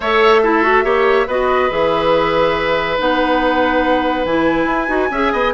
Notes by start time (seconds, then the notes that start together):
0.00 A3 A4 C#5 E5
0.42 E4 A4
0.62 F#4
0.83 A#3 G4 C#5
1.27 B3 F#4 B4 D#5
1.70 E3 G#4 E5
2.98 B3 D#4 F#5
4.25 E3 E4 G#5
4.65 E4
4.87 D#4 F#4
5.10 C#4 G#4 E5
5.32 B3 D#5